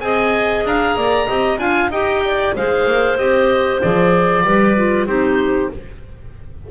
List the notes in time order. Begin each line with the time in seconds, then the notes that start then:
0.00 C4 G#4 D#5 G#5
0.64 D4 F5 A#5
0.96 A#3 D5
1.27 C4 G4 D#5
1.58 D4 F4 F5 G#5
1.89 D#4 G4 D#5 G5
2.25 D5
2.55 G#3 G#4 C5 F5
2.86 A#3
3.17 C4 G4 D#5
3.81 F3 G#4 D5
4.43 G3 G4 B4
4.77 F4
5.06 C4 D#4 G4 C5